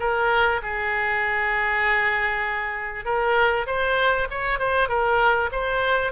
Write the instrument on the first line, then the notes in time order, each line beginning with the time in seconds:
oboe
0.00 A#4
0.63 G#4
3.05 A#4
3.67 C5
4.30 C#5
4.59 C5
4.88 A#4
5.52 C5